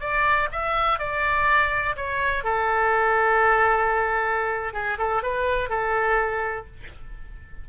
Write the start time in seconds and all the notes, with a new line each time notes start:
0.00 D5
0.52 E5
0.99 D5
1.96 C#5
2.44 A4
4.73 G#4
4.98 A4
5.23 B4
5.69 A4